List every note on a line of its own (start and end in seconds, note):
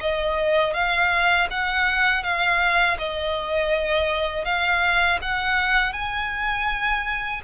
0.00 0.73 D#5
0.73 1.47 F5
1.50 2.23 F#5
2.23 2.97 F5
2.98 4.44 D#5
4.44 5.19 F5
5.22 5.93 F#5
5.93 7.41 G#5